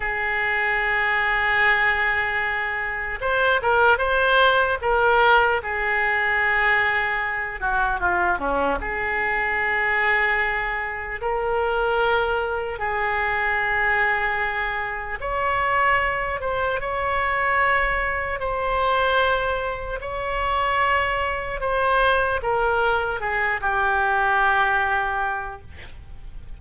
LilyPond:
\new Staff \with { instrumentName = "oboe" } { \time 4/4 \tempo 4 = 75 gis'1 | c''8 ais'8 c''4 ais'4 gis'4~ | gis'4. fis'8 f'8 cis'8 gis'4~ | gis'2 ais'2 |
gis'2. cis''4~ | cis''8 c''8 cis''2 c''4~ | c''4 cis''2 c''4 | ais'4 gis'8 g'2~ g'8 | }